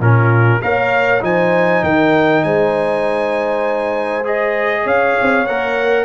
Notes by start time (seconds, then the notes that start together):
0.00 A#2 C#4 F4 A#4
0.62 A#3 A#4 C#5 F5
1.20 F3 D#4 C5 G#5
1.83 D#3 A#4 G5
2.43 G#3 C5 G#5
4.24 G#4 D#5
4.83 C#4 C#5 F5
5.21 C4
5.46 A#3 A#4 F#5